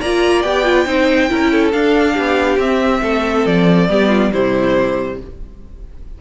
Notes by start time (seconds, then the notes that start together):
0.00 A#3 F4 D5 A#5
0.42 B3 G4 G5
0.64 F4
0.85 C4 D#4 C5
1.29 C#4 E4 A#4
1.52 A4
1.71 D4 F5
2.13 B3 G4
2.57 C4 E5
3.02 A3 A4
3.46 F3 D5
3.89 G3 B3 G4
4.08 F4
4.32 C3 G3 E4 C5